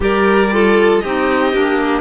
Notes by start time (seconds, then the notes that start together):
0.00 G3 G4 A#4 D5
0.52 F4 A4
0.99 C4 D#4 G4 D#5
1.52 A#3 D4